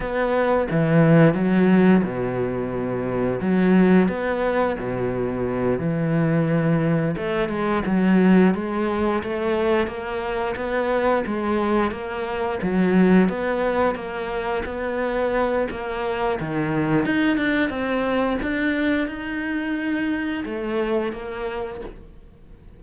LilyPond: \new Staff \with { instrumentName = "cello" } { \time 4/4 \tempo 4 = 88 b4 e4 fis4 b,4~ | b,4 fis4 b4 b,4~ | b,8 e2 a8 gis8 fis8~ | fis8 gis4 a4 ais4 b8~ |
b8 gis4 ais4 fis4 b8~ | b8 ais4 b4. ais4 | dis4 dis'8 d'8 c'4 d'4 | dis'2 a4 ais4 | }